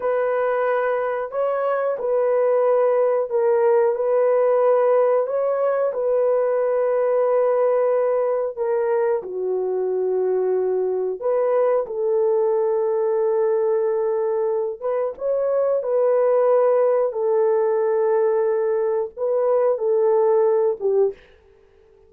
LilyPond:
\new Staff \with { instrumentName = "horn" } { \time 4/4 \tempo 4 = 91 b'2 cis''4 b'4~ | b'4 ais'4 b'2 | cis''4 b'2.~ | b'4 ais'4 fis'2~ |
fis'4 b'4 a'2~ | a'2~ a'8 b'8 cis''4 | b'2 a'2~ | a'4 b'4 a'4. g'8 | }